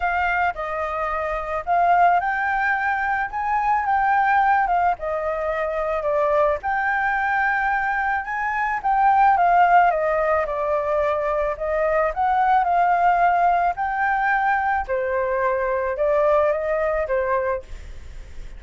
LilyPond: \new Staff \with { instrumentName = "flute" } { \time 4/4 \tempo 4 = 109 f''4 dis''2 f''4 | g''2 gis''4 g''4~ | g''8 f''8 dis''2 d''4 | g''2. gis''4 |
g''4 f''4 dis''4 d''4~ | d''4 dis''4 fis''4 f''4~ | f''4 g''2 c''4~ | c''4 d''4 dis''4 c''4 | }